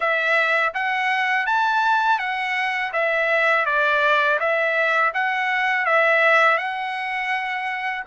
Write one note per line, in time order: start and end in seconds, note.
0.00 0.73 E5
0.74 1.46 F#5
1.46 2.19 A5
2.19 2.92 F#5
2.92 3.65 E5
3.65 4.38 D5
4.39 5.12 E5
5.14 5.85 F#5
5.85 6.57 E5
6.57 8.03 F#5